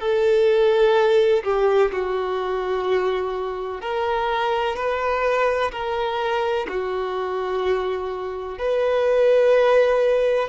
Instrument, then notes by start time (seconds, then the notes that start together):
violin
0.00 A4
1.43 G4
1.91 F#4
3.81 A#4
4.76 B4
5.71 A#4
6.68 F#4
8.58 B4